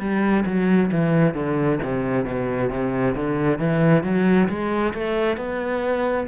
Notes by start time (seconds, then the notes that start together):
0.00 G3
0.46 F#3
0.92 E3
1.35 D3
1.83 C3
2.25 B2
2.70 C3
3.16 D3
3.59 E3
4.04 F#3
4.49 G#3
4.94 A3
5.37 B3